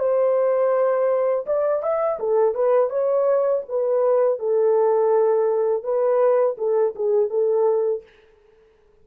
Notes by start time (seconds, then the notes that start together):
0.00 C5
1.47 D5
1.83 E5
2.20 A4
2.55 B4
2.90 C#5
3.69 B4
4.39 A4
5.84 B4
6.58 A4
6.96 G#4
7.30 A4